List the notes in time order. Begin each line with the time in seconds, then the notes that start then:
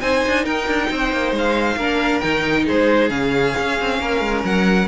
0.00 C4 D#4 C5 G#5
0.27 D4
0.44 D#4 A#4 G5
0.67 D4
0.90 C4 C5
1.12 A#3
1.31 G#3 F5
1.76 A#3 D4 A#4
2.20 D#3 D#4 G5
2.66 G#3 G#4 C5
3.09 C#3 C#4 F5
3.58 C#4
3.80 C4
3.99 A#3 A#4
4.20 G#3
4.44 F#3 F#5